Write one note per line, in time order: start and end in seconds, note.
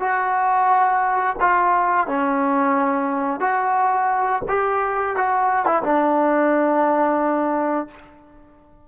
0.00 1.36 F#4
1.41 2.08 F4
2.08 3.40 C#4
3.40 4.43 F#4
4.48 5.16 G4
5.16 5.66 F#4
5.66 5.83 E4
5.83 7.88 D4